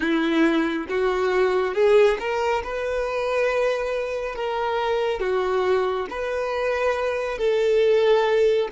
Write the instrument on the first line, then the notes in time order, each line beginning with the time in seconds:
violin
0.00 E4
0.89 F#4
1.74 G#4
2.19 A#4
2.63 B4
4.35 A#4
5.20 F#4
6.09 B4
7.38 A4